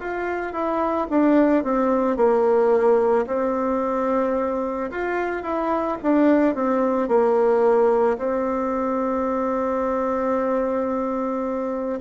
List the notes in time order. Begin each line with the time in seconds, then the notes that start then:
0.00 F4
0.53 E4
1.10 D4
1.64 C4
2.17 A#3
3.27 C4
4.91 F4
5.43 E4
6.03 D4
6.55 C4
7.09 A#3
8.18 C4